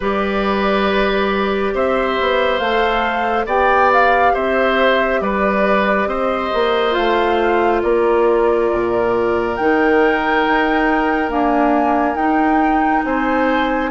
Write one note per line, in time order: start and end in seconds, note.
0.00 1.74 G3
0.00 2.62 G4
0.00 1.74 B4
0.00 1.75 D5
1.74 2.17 C4
1.74 3.45 C5
1.74 2.58 E5
2.20 2.59 B3
2.58 3.45 A3
2.58 3.46 A4
2.58 3.45 F5
3.45 4.32 B3
3.45 6.91 G4
3.45 4.32 D5
3.45 3.91 G5
3.93 4.34 F5
4.33 5.20 C4
4.33 5.20 C5
4.33 5.21 E5
5.20 6.06 G3
5.20 6.08 B4
5.20 6.07 D5
6.06 6.49 C4
6.06 7.82 C5
6.06 6.94 D#5
6.53 6.96 A#3
6.91 7.83 A3
6.91 9.52 F4
6.91 7.81 F5
7.82 8.70 A#3
7.82 13.05 A#4
7.82 9.55 D5
8.72 9.59 A#2
9.55 10.46 D#3
9.55 11.28 D#4
9.55 11.29 G5
10.47 11.31 D#4
11.28 12.15 A#3
11.28 12.14 D4
11.28 12.15 G#5
12.14 13.01 D#4
12.14 13.90 D#4
12.14 13.02 G5
13.04 13.90 C4
13.04 13.90 C5
13.04 13.90 G#5